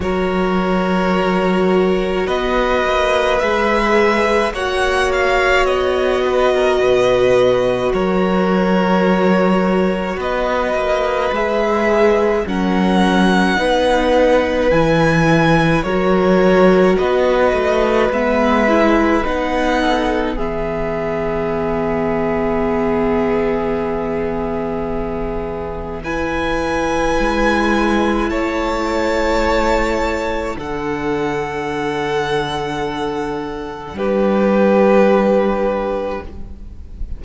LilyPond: <<
  \new Staff \with { instrumentName = "violin" } { \time 4/4 \tempo 4 = 53 cis''2 dis''4 e''4 | fis''8 f''8 dis''2 cis''4~ | cis''4 dis''4 e''4 fis''4~ | fis''4 gis''4 cis''4 dis''4 |
e''4 fis''4 e''2~ | e''2. gis''4~ | gis''4 a''2 fis''4~ | fis''2 b'2 | }
  \new Staff \with { instrumentName = "violin" } { \time 4/4 ais'2 b'2 | cis''4. b'16 ais'16 b'4 ais'4~ | ais'4 b'2 ais'4 | b'2 ais'4 b'4~ |
b'4. a'8 gis'2~ | gis'2. b'4~ | b'4 cis''2 a'4~ | a'2 g'2 | }
  \new Staff \with { instrumentName = "viola" } { \time 4/4 fis'2. gis'4 | fis'1~ | fis'2 gis'4 cis'4 | dis'4 e'4 fis'2 |
b8 e'8 dis'4 b2~ | b2. e'4~ | e'2. d'4~ | d'1 | }
  \new Staff \with { instrumentName = "cello" } { \time 4/4 fis2 b8 ais8 gis4 | ais4 b4 b,4 fis4~ | fis4 b8 ais8 gis4 fis4 | b4 e4 fis4 b8 a8 |
gis4 b4 e2~ | e1 | gis4 a2 d4~ | d2 g2 | }
>>